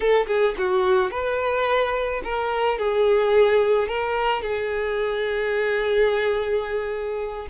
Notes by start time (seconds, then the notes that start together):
0.00 A4
0.27 G#4
0.58 F#4
1.10 B4
2.24 A#4
2.78 G#4
3.87 A#4
4.42 G#4